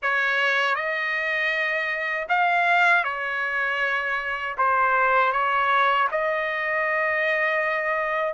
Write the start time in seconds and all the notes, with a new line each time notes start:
0.02 C#5
0.75 D#5
2.28 F5
3.04 C#5
4.57 C5
5.32 C#5
6.11 D#5